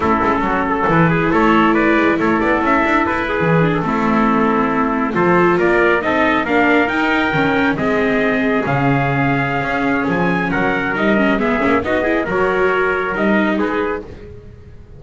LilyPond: <<
  \new Staff \with { instrumentName = "trumpet" } { \time 4/4 \tempo 4 = 137 a'2 b'4 cis''4 | d''4 cis''8 d''8 e''4 b'4~ | b'8 a'2.~ a'16 c''16~ | c''8. d''4 dis''4 f''4 g''16~ |
g''4.~ g''16 dis''2 f''16~ | f''2. gis''4 | fis''4 dis''4 e''4 dis''4 | cis''2 dis''4 b'4 | }
  \new Staff \with { instrumentName = "trumpet" } { \time 4/4 e'4 fis'8 a'4 gis'8 a'4 | b'4 a'2~ a'8 gis'8~ | gis'8. e'2. a'16~ | a'8. ais'4 a'4 ais'4~ ais'16~ |
ais'4.~ ais'16 gis'2~ gis'16~ | gis'1 | ais'2 gis'4 fis'8 gis'8 | ais'2. gis'4 | }
  \new Staff \with { instrumentName = "viola" } { \time 4/4 cis'2 e'2~ | e'1~ | e'16 d'8 c'2. f'16~ | f'4.~ f'16 dis'4 d'4 dis'16~ |
dis'8. cis'4 c'2 cis'16~ | cis'1~ | cis'4 dis'8 cis'8 b8 cis'8 dis'8 e'8 | fis'2 dis'2 | }
  \new Staff \with { instrumentName = "double bass" } { \time 4/4 a8 gis8 fis4 e4 a4~ | a8 gis8 a8 b8 cis'8 d'8 e'8. e16~ | e8. a2. f16~ | f8. ais4 c'4 ais4 dis'16~ |
dis'8. dis4 gis2 cis16~ | cis2 cis'4 f4 | fis4 g4 gis8 ais8 b4 | fis2 g4 gis4 | }
>>